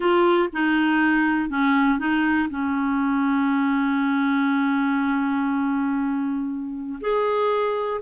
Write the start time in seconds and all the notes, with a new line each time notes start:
0.00 F4
0.53 D#4
1.49 C#4
1.99 D#4
2.49 C#4
7.00 G#4